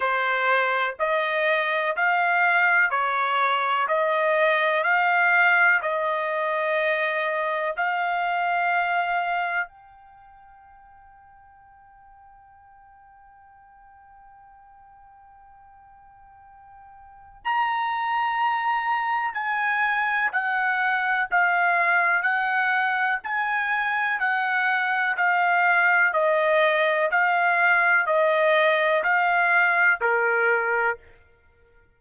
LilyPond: \new Staff \with { instrumentName = "trumpet" } { \time 4/4 \tempo 4 = 62 c''4 dis''4 f''4 cis''4 | dis''4 f''4 dis''2 | f''2 g''2~ | g''1~ |
g''2 ais''2 | gis''4 fis''4 f''4 fis''4 | gis''4 fis''4 f''4 dis''4 | f''4 dis''4 f''4 ais'4 | }